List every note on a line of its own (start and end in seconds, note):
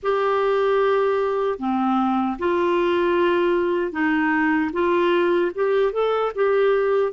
0.02 1.58 G4
1.58 2.37 C4
2.38 3.92 F4
3.92 4.70 D#4
4.72 5.51 F4
5.54 5.92 G4
5.92 6.32 A4
6.35 7.12 G4